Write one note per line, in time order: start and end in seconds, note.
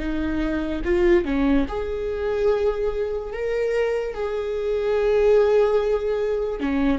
0.00 0.82 D#4
0.85 1.25 F4
1.25 1.66 C#4
1.69 3.33 G#4
3.33 4.14 A#4
4.14 6.60 G#4
6.60 6.99 C#4